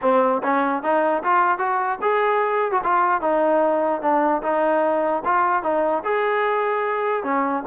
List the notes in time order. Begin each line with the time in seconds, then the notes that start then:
0.01 C4
0.43 C#4
0.82 D#4
1.23 F4
1.58 F#4
2.01 G#4
2.71 F#4
2.83 F4
3.21 D#4
4.01 D4
4.42 D#4
5.24 F4
5.62 D#4
6.03 G#4
7.23 C#4